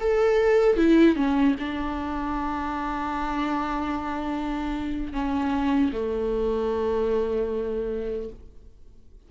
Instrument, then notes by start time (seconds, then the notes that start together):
viola
0.00 A4
0.76 E4
1.16 C#4
1.59 D4
5.13 C#4
5.92 A3